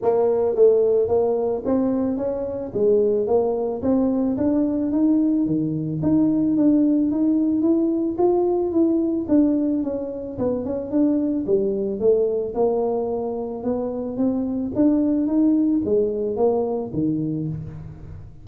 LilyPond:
\new Staff \with { instrumentName = "tuba" } { \time 4/4 \tempo 4 = 110 ais4 a4 ais4 c'4 | cis'4 gis4 ais4 c'4 | d'4 dis'4 dis4 dis'4 | d'4 dis'4 e'4 f'4 |
e'4 d'4 cis'4 b8 cis'8 | d'4 g4 a4 ais4~ | ais4 b4 c'4 d'4 | dis'4 gis4 ais4 dis4 | }